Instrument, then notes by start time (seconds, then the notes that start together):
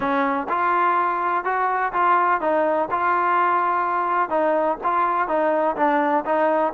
trombone
0.00 C#4
0.49 F4
1.44 F#4
1.92 F4
2.40 D#4
2.90 F4
4.29 D#4
4.83 F4
5.28 D#4
5.76 D4
6.25 D#4